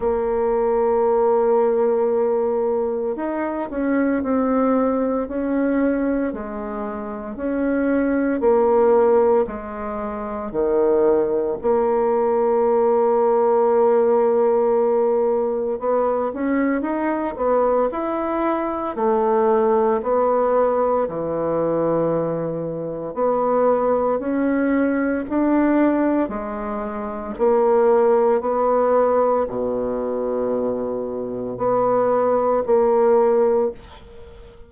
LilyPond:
\new Staff \with { instrumentName = "bassoon" } { \time 4/4 \tempo 4 = 57 ais2. dis'8 cis'8 | c'4 cis'4 gis4 cis'4 | ais4 gis4 dis4 ais4~ | ais2. b8 cis'8 |
dis'8 b8 e'4 a4 b4 | e2 b4 cis'4 | d'4 gis4 ais4 b4 | b,2 b4 ais4 | }